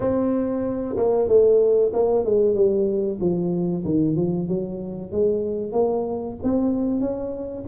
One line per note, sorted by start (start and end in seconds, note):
0.00 0.96 C4
0.96 1.28 A#3
1.28 1.91 A3
1.93 2.25 A#3
2.25 2.54 G#3
2.54 3.18 G3
3.20 3.84 F3
3.85 4.15 D#3
4.15 4.47 F3
4.48 5.11 F#3
5.11 5.72 G#3
5.72 6.35 A#3
6.43 7.00 C4
7.00 7.64 C#4